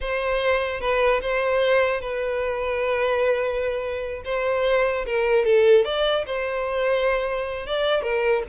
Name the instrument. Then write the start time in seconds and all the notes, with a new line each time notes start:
violin
0.00 C5
0.80 B4
1.21 C5
2.00 B4
4.24 C5
5.06 A#4
5.45 A4
5.84 D5
6.26 C5
7.66 D5
8.02 A#4